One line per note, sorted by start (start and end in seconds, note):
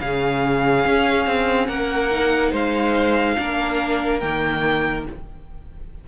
0.00 0.85 C#3
0.00 2.11 C#4
0.00 1.68 G#4
0.00 1.67 F5
0.85 1.26 C#4
1.26 1.68 C4
1.67 2.52 A#3
1.67 2.51 A#4
1.67 2.52 F#5
2.11 3.37 D#4
2.51 3.36 G#3
2.51 3.36 C5
2.51 4.20 F5
3.37 4.22 A#3
3.37 4.21 D4
3.37 5.08 A#4
4.20 5.07 D#3
4.20 5.06 A#3
4.20 5.04 G5